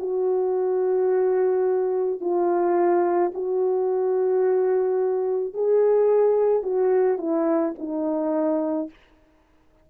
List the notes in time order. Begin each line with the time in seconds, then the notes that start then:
0.00 F#4
2.21 F4
3.34 F#4
5.54 G#4
6.63 F#4
7.18 E4
7.79 D#4